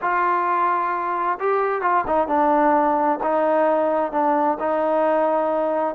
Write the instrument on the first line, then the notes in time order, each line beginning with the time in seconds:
trombone
0.01 F4
1.39 G4
1.81 F4
2.06 D#4
2.27 D4
3.23 D#4
4.12 D4
4.59 D#4